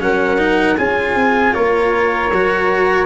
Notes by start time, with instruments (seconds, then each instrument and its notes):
0.00 tuba F#3, cello C#4, flute A#4, trumpet F#5
0.38 cello D#4
0.77 tuba C#4, cello F4, flute G#4, trumpet G#5
1.15 tuba C4
1.54 tuba A#3, flute A#4, trumpet C#5
2.31 tuba F#3, cello F#4